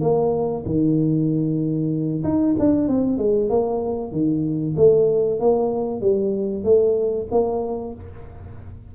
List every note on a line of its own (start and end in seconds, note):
0.00 0.63 A#3
0.65 2.23 D#3
2.23 2.55 D#4
2.58 2.88 D4
2.88 3.18 C4
3.18 3.49 G#3
3.49 4.11 A#3
4.11 4.75 D#3
4.76 5.39 A3
5.39 6.01 A#3
6.01 6.63 G3
6.63 7.27 A3
7.30 7.94 A#3